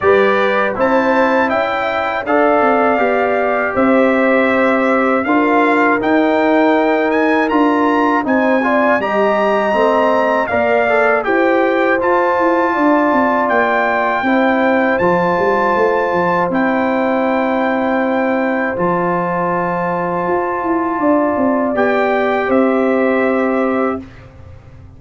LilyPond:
<<
  \new Staff \with { instrumentName = "trumpet" } { \time 4/4 \tempo 4 = 80 d''4 a''4 g''4 f''4~ | f''4 e''2 f''4 | g''4. gis''8 ais''4 gis''4 | ais''2 f''4 g''4 |
a''2 g''2 | a''2 g''2~ | g''4 a''2.~ | a''4 g''4 e''2 | }
  \new Staff \with { instrumentName = "horn" } { \time 4/4 b'4 c''4 e''4 d''4~ | d''4 c''2 ais'4~ | ais'2. c''8 d''8 | dis''2 d''4 c''4~ |
c''4 d''2 c''4~ | c''1~ | c''1 | d''2 c''2 | }
  \new Staff \with { instrumentName = "trombone" } { \time 4/4 g'4 e'2 a'4 | g'2. f'4 | dis'2 f'4 dis'8 f'8 | g'4 c'4 ais'8 a'8 g'4 |
f'2. e'4 | f'2 e'2~ | e'4 f'2.~ | f'4 g'2. | }
  \new Staff \with { instrumentName = "tuba" } { \time 4/4 g4 c'4 cis'4 d'8 c'8 | b4 c'2 d'4 | dis'2 d'4 c'4 | g4 a4 ais4 e'4 |
f'8 e'8 d'8 c'8 ais4 c'4 | f8 g8 a8 f8 c'2~ | c'4 f2 f'8 e'8 | d'8 c'8 b4 c'2 | }
>>